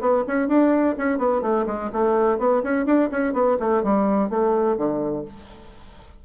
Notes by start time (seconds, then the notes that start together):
0.00 B3
0.27 C#4
0.48 D4
0.97 C#4
1.18 B3
1.41 A3
1.66 G#3
1.92 A3
2.38 B3
2.63 C#4
2.85 D4
3.11 C#4
3.33 B3
3.59 A3
3.83 G3
4.29 A3
4.77 D3